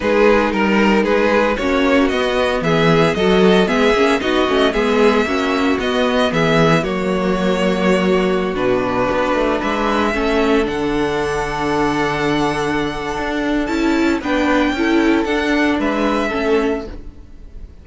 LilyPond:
<<
  \new Staff \with { instrumentName = "violin" } { \time 4/4 \tempo 4 = 114 b'4 ais'4 b'4 cis''4 | dis''4 e''4 dis''4 e''4 | dis''4 e''2 dis''4 | e''4 cis''2.~ |
cis''16 b'2 e''4.~ e''16~ | e''16 fis''2.~ fis''8.~ | fis''2 a''4 g''4~ | g''4 fis''4 e''2 | }
  \new Staff \with { instrumentName = "violin" } { \time 4/4 gis'4 ais'4 gis'4 fis'4~ | fis'4 gis'4 a'4 gis'4 | fis'4 gis'4 fis'2 | gis'4 fis'2.~ |
fis'2~ fis'16 b'4 a'8.~ | a'1~ | a'2. b'4 | a'2 b'4 a'4 | }
  \new Staff \with { instrumentName = "viola" } { \time 4/4 dis'2. cis'4 | b2 fis'4 b8 cis'8 | dis'8 cis'8 b4 cis'4 b4~ | b4 ais2.~ |
ais16 d'2. cis'8.~ | cis'16 d'2.~ d'8.~ | d'2 e'4 d'4 | e'4 d'2 cis'4 | }
  \new Staff \with { instrumentName = "cello" } { \time 4/4 gis4 g4 gis4 ais4 | b4 e4 fis4 gis8 ais8 | b8 a8 gis4 ais4 b4 | e4 fis2.~ |
fis16 b,4 b8 a8 gis4 a8.~ | a16 d2.~ d8.~ | d4 d'4 cis'4 b4 | cis'4 d'4 gis4 a4 | }
>>